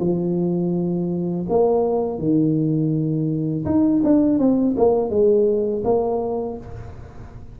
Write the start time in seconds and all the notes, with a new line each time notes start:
0.00 F3
1.49 A#3
2.19 D#3
3.66 D#4
4.04 D4
4.39 C4
4.77 A#3
5.10 G#3
5.84 A#3